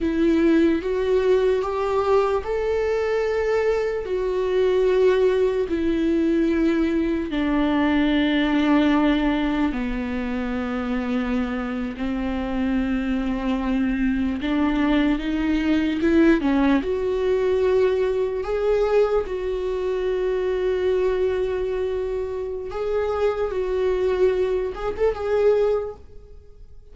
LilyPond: \new Staff \with { instrumentName = "viola" } { \time 4/4 \tempo 4 = 74 e'4 fis'4 g'4 a'4~ | a'4 fis'2 e'4~ | e'4 d'2. | b2~ b8. c'4~ c'16~ |
c'4.~ c'16 d'4 dis'4 e'16~ | e'16 cis'8 fis'2 gis'4 fis'16~ | fis'1 | gis'4 fis'4. gis'16 a'16 gis'4 | }